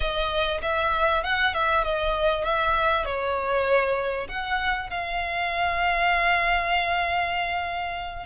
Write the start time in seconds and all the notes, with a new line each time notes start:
0.00 D#5
0.62 E5
1.23 F#5
1.53 E5
1.84 D#5
2.44 E5
3.05 C#5
4.28 F#5
4.90 F5